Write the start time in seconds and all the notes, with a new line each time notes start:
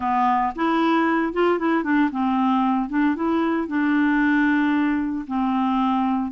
0.00 B3
0.55 E4
1.33 F4
1.58 E4
1.83 D4
2.11 C4
2.89 D4
3.15 E4
3.67 D4
5.27 C4